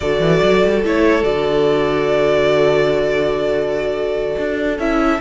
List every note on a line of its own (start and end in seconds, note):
0.00 0.20 D3
0.00 0.84 F#4
0.00 5.20 A4
0.00 0.83 D5
0.20 0.40 E3
0.42 0.63 F#3
0.65 0.85 G3
0.84 1.22 A3
0.84 1.22 E4
0.84 1.23 C#5
1.22 4.35 D3
1.22 4.76 F#4
1.22 4.78 D5
4.39 4.78 D4
4.78 5.20 C#4
4.78 5.20 E4
4.78 5.20 E5